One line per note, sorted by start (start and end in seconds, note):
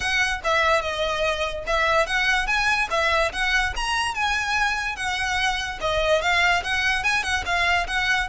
0.00 0.40 F#5
0.43 0.81 E5
0.81 1.64 D#5
1.66 2.06 E5
2.06 2.46 F#5
2.46 2.88 G#5
2.90 3.32 E5
3.32 3.73 F#5
3.76 4.14 A#5
4.14 4.96 G#5
4.96 5.78 F#5
5.80 6.21 D#5
6.21 6.62 F5
6.63 7.03 F#5
7.03 7.23 G#5
7.23 7.44 F#5
7.45 7.87 F5
7.87 8.28 F#5